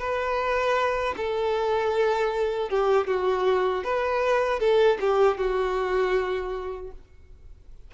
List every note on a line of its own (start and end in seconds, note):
0.00 1.15 B4
1.17 2.70 A4
2.70 3.08 G4
3.08 3.85 F#4
3.85 4.60 B4
4.60 4.99 A4
5.01 5.38 G4
5.38 6.92 F#4